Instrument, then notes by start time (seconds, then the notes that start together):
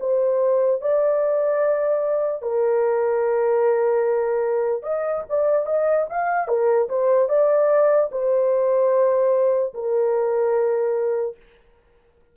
horn
0.00 C5
0.81 D5
2.42 A#4
4.82 D#5
5.29 D5
5.66 D#5
6.10 F5
6.48 A#4
6.89 C5
7.29 D5
8.11 C5
9.74 A#4